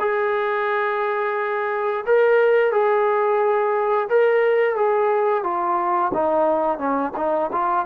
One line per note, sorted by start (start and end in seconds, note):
0.00 2.05 G#4
2.06 2.72 A#4
2.72 4.08 G#4
4.09 4.76 A#4
4.76 5.44 G#4
5.44 6.12 F4
6.14 6.78 D#4
6.78 7.12 C#4
7.17 7.51 D#4
7.52 7.86 F4